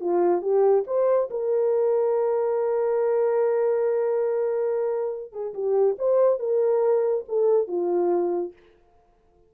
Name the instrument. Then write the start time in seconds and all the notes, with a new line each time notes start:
horn
0.00 F4
0.41 G4
0.86 C5
1.30 A#4
5.32 G#4
5.54 G4
5.98 C5
6.39 A#4
7.28 A4
7.67 F4